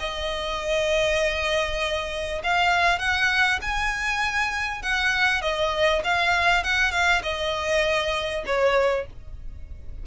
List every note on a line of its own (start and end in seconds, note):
0.00 2.42 D#5
2.44 2.99 F5
2.99 3.60 F#5
3.62 4.83 G#5
4.83 5.42 F#5
5.42 6.02 D#5
6.04 6.64 F5
6.64 6.92 F#5
6.92 7.22 F5
7.23 8.44 D#5
8.46 9.07 C#5